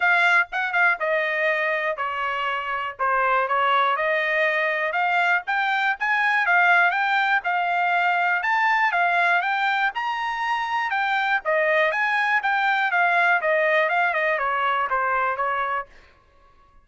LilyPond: \new Staff \with { instrumentName = "trumpet" } { \time 4/4 \tempo 4 = 121 f''4 fis''8 f''8 dis''2 | cis''2 c''4 cis''4 | dis''2 f''4 g''4 | gis''4 f''4 g''4 f''4~ |
f''4 a''4 f''4 g''4 | ais''2 g''4 dis''4 | gis''4 g''4 f''4 dis''4 | f''8 dis''8 cis''4 c''4 cis''4 | }